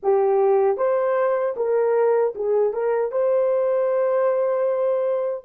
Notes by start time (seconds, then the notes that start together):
0.02 G4
0.77 C5
1.56 A#4
2.35 G#4
2.73 A#4
3.11 C5